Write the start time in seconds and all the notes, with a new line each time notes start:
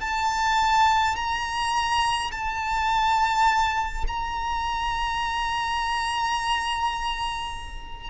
0.00 A5
1.15 A#5
2.31 A5
4.08 A#5